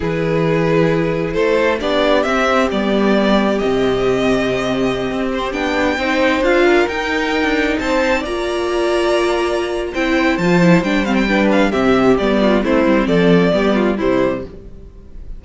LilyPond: <<
  \new Staff \with { instrumentName = "violin" } { \time 4/4 \tempo 4 = 133 b'2. c''4 | d''4 e''4 d''2 | dis''2.~ dis''8. c''16~ | c''16 g''2 f''4 g''8.~ |
g''4~ g''16 a''4 ais''4.~ ais''16~ | ais''2 g''4 a''4 | g''8 f''16 g''8. f''8 e''4 d''4 | c''4 d''2 c''4 | }
  \new Staff \with { instrumentName = "violin" } { \time 4/4 gis'2. a'4 | g'1~ | g'1~ | g'4~ g'16 c''4. ais'4~ ais'16~ |
ais'4~ ais'16 c''4 d''4.~ d''16~ | d''2 c''2~ | c''4 b'4 g'4. f'8 | e'4 a'4 g'8 f'8 e'4 | }
  \new Staff \with { instrumentName = "viola" } { \time 4/4 e'1 | d'4 c'4 b2 | c'1~ | c'16 d'4 dis'4 f'4 dis'8.~ |
dis'2~ dis'16 f'4.~ f'16~ | f'2 e'4 f'8 e'8 | d'8 c'8 d'4 c'4 b4 | c'2 b4 g4 | }
  \new Staff \with { instrumentName = "cello" } { \time 4/4 e2. a4 | b4 c'4 g2 | c2.~ c16 c'8.~ | c'16 b4 c'4 d'4 dis'8.~ |
dis'8 d'8. c'4 ais4.~ ais16~ | ais2 c'4 f4 | g2 c4 g4 | a8 g8 f4 g4 c4 | }
>>